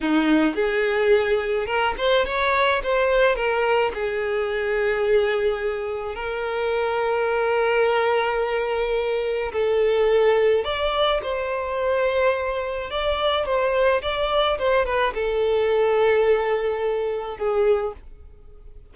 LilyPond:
\new Staff \with { instrumentName = "violin" } { \time 4/4 \tempo 4 = 107 dis'4 gis'2 ais'8 c''8 | cis''4 c''4 ais'4 gis'4~ | gis'2. ais'4~ | ais'1~ |
ais'4 a'2 d''4 | c''2. d''4 | c''4 d''4 c''8 b'8 a'4~ | a'2. gis'4 | }